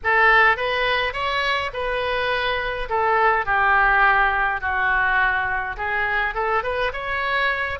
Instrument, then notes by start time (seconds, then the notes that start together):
oboe
0.03 A4
0.56 B4
1.13 C#5
1.73 B4
2.89 A4
3.45 G4
4.60 F#4
5.76 G#4
6.34 A4
6.63 B4
6.92 C#5